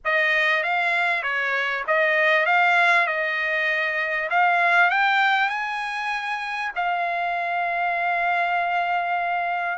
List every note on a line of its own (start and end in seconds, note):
0.04 0.63 D#5
0.63 1.22 F5
1.22 1.84 C#5
1.87 2.46 D#5
2.46 3.06 F5
3.06 4.29 D#5
4.30 4.90 F5
4.90 5.49 G5
5.49 6.71 G#5
6.75 9.78 F5